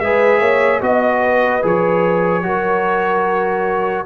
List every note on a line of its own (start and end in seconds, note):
0.00 0.41 G#3
0.00 0.82 G#4
0.00 0.40 B4
0.00 0.81 E5
0.40 0.81 A#3
0.40 0.81 C#5
0.82 1.63 B3
0.82 1.62 F#4
0.82 1.23 D#5
0.82 1.64 D#5
1.23 2.45 B4
1.62 2.44 F3
1.62 2.43 G#4
1.62 4.06 C#5
2.43 4.06 F#3
2.43 4.05 F#4
2.43 4.06 A#4